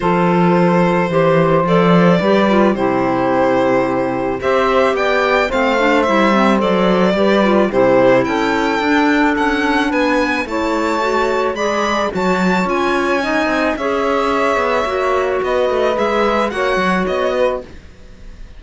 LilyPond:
<<
  \new Staff \with { instrumentName = "violin" } { \time 4/4 \tempo 4 = 109 c''2. d''4~ | d''4 c''2. | e''4 g''4 f''4 e''4 | d''2 c''4 g''4~ |
g''4 fis''4 gis''4 a''4~ | a''4 b''4 a''4 gis''4~ | gis''4 e''2. | dis''4 e''4 fis''4 dis''4 | }
  \new Staff \with { instrumentName = "saxophone" } { \time 4/4 a'2 c''2 | b'4 g'2. | c''4 d''4 c''2~ | c''4 b'4 g'4 a'4~ |
a'2 b'4 cis''4~ | cis''4 d''4 cis''2 | dis''4 cis''2. | b'2 cis''4. b'8 | }
  \new Staff \with { instrumentName = "clarinet" } { \time 4/4 f'2 g'4 a'4 | g'8 f'8 e'2. | g'2 c'8 d'8 e'8 c'8 | a'4 g'8 f'8 e'2 |
d'2. e'4 | fis'4 gis'4 fis'4 f'4 | dis'4 gis'2 fis'4~ | fis'4 gis'4 fis'2 | }
  \new Staff \with { instrumentName = "cello" } { \time 4/4 f2 e4 f4 | g4 c2. | c'4 b4 a4 g4 | fis4 g4 c4 cis'4 |
d'4 cis'4 b4 a4~ | a4 gis4 fis4 cis'4~ | cis'8 c'8 cis'4. b8 ais4 | b8 a8 gis4 ais8 fis8 b4 | }
>>